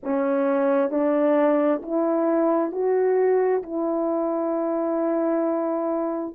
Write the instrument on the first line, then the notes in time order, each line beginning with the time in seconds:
horn
0.03 C#4
0.90 D4
1.82 E4
2.71 F#4
3.62 E4